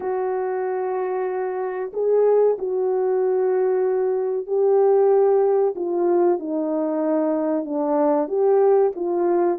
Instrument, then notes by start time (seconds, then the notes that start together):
horn
0.00 F#4
1.93 G#4
2.58 F#4
4.47 G4
5.75 F4
6.39 D#4
7.65 D4
8.28 G4
8.95 F4